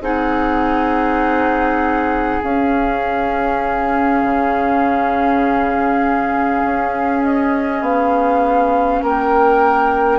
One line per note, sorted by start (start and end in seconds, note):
0.00 2.40 C4
0.00 2.42 D#4
0.00 9.02 G#4
0.00 2.43 F#5
2.43 10.19 C#4
2.43 4.23 C#4
2.43 7.23 F5
4.23 6.63 C#3
6.64 7.82 C#4
7.23 7.83 D#5
7.82 9.02 B3
7.82 9.03 F5
9.02 10.19 A#3
9.02 10.19 A#4
9.02 10.19 G5